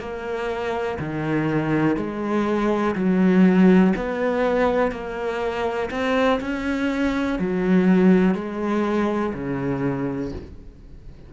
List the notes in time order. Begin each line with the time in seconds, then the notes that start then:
0.00 A#3
0.99 D#3
1.97 G#3
2.95 F#3
3.96 B3
4.91 A#3
5.91 C4
6.41 C#4
7.39 F#3
8.35 G#3
9.34 C#3